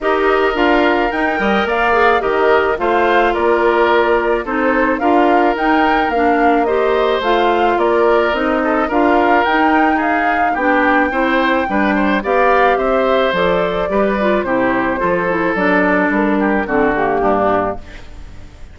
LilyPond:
<<
  \new Staff \with { instrumentName = "flute" } { \time 4/4 \tempo 4 = 108 dis''4 f''4 g''4 f''4 | dis''4 f''4 d''2 | c''4 f''4 g''4 f''4 | dis''4 f''4 d''4 dis''4 |
f''4 g''4 f''4 g''4~ | g''2 f''4 e''4 | d''2 c''2 | d''4 ais'4 a'8 g'4. | }
  \new Staff \with { instrumentName = "oboe" } { \time 4/4 ais'2~ ais'8 dis''8 d''4 | ais'4 c''4 ais'2 | a'4 ais'2. | c''2 ais'4. a'8 |
ais'2 gis'4 g'4 | c''4 b'8 c''8 d''4 c''4~ | c''4 b'4 g'4 a'4~ | a'4. g'8 fis'4 d'4 | }
  \new Staff \with { instrumentName = "clarinet" } { \time 4/4 g'4 f'4 dis'8 ais'4 gis'8 | g'4 f'2. | dis'4 f'4 dis'4 d'4 | g'4 f'2 dis'4 |
f'4 dis'2 d'4 | e'4 d'4 g'2 | a'4 g'8 f'8 e'4 f'8 e'8 | d'2 c'8 ais4. | }
  \new Staff \with { instrumentName = "bassoon" } { \time 4/4 dis'4 d'4 dis'8 g8 ais4 | dis4 a4 ais2 | c'4 d'4 dis'4 ais4~ | ais4 a4 ais4 c'4 |
d'4 dis'2 b4 | c'4 g4 b4 c'4 | f4 g4 c4 f4 | fis4 g4 d4 g,4 | }
>>